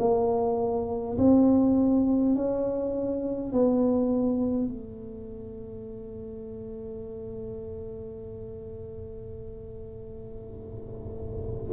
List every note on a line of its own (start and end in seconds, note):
0.00 1.18 A#3
1.18 2.36 C4
2.36 3.53 C#4
3.53 4.68 B3
4.68 11.73 A3